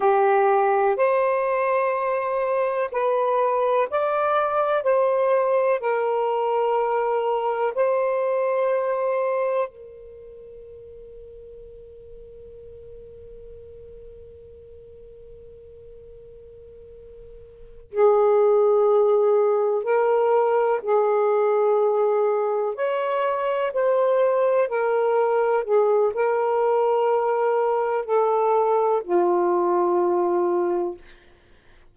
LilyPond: \new Staff \with { instrumentName = "saxophone" } { \time 4/4 \tempo 4 = 62 g'4 c''2 b'4 | d''4 c''4 ais'2 | c''2 ais'2~ | ais'1~ |
ais'2~ ais'8 gis'4.~ | gis'8 ais'4 gis'2 cis''8~ | cis''8 c''4 ais'4 gis'8 ais'4~ | ais'4 a'4 f'2 | }